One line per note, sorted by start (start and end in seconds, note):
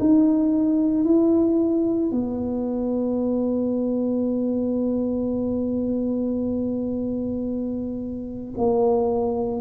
0.00 1.04 D#4
1.04 2.11 E4
2.11 8.54 B3
8.58 9.61 A#3